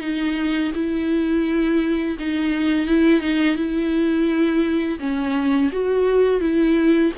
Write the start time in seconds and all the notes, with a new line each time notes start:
0.00 D#4
0.74 E4
2.19 D#4
2.87 E4
3.20 D#4
3.55 E4
4.99 C#4
5.72 F#4
6.40 E4